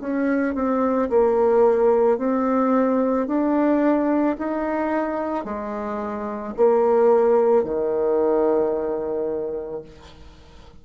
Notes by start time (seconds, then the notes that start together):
0.00 C#4
0.55 C4
1.10 A#3
2.18 C4
3.27 D4
4.38 D#4
5.44 G#3
6.57 A#3
7.64 D#3